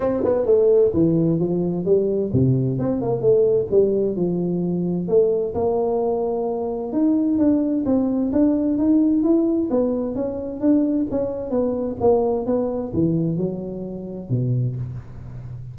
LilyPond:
\new Staff \with { instrumentName = "tuba" } { \time 4/4 \tempo 4 = 130 c'8 b8 a4 e4 f4 | g4 c4 c'8 ais8 a4 | g4 f2 a4 | ais2. dis'4 |
d'4 c'4 d'4 dis'4 | e'4 b4 cis'4 d'4 | cis'4 b4 ais4 b4 | e4 fis2 b,4 | }